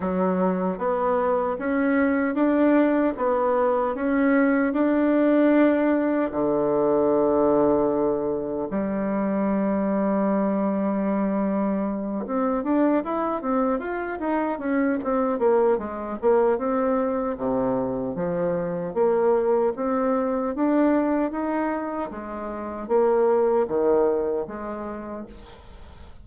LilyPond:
\new Staff \with { instrumentName = "bassoon" } { \time 4/4 \tempo 4 = 76 fis4 b4 cis'4 d'4 | b4 cis'4 d'2 | d2. g4~ | g2.~ g8 c'8 |
d'8 e'8 c'8 f'8 dis'8 cis'8 c'8 ais8 | gis8 ais8 c'4 c4 f4 | ais4 c'4 d'4 dis'4 | gis4 ais4 dis4 gis4 | }